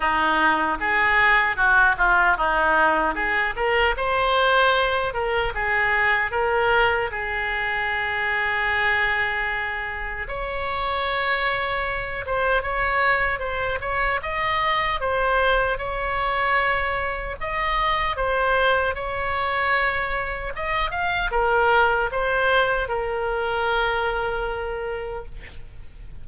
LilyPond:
\new Staff \with { instrumentName = "oboe" } { \time 4/4 \tempo 4 = 76 dis'4 gis'4 fis'8 f'8 dis'4 | gis'8 ais'8 c''4. ais'8 gis'4 | ais'4 gis'2.~ | gis'4 cis''2~ cis''8 c''8 |
cis''4 c''8 cis''8 dis''4 c''4 | cis''2 dis''4 c''4 | cis''2 dis''8 f''8 ais'4 | c''4 ais'2. | }